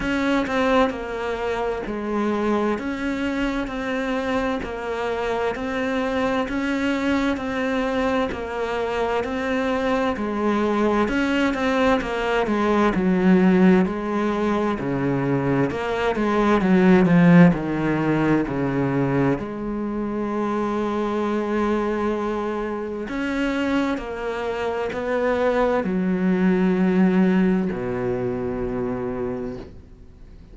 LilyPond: \new Staff \with { instrumentName = "cello" } { \time 4/4 \tempo 4 = 65 cis'8 c'8 ais4 gis4 cis'4 | c'4 ais4 c'4 cis'4 | c'4 ais4 c'4 gis4 | cis'8 c'8 ais8 gis8 fis4 gis4 |
cis4 ais8 gis8 fis8 f8 dis4 | cis4 gis2.~ | gis4 cis'4 ais4 b4 | fis2 b,2 | }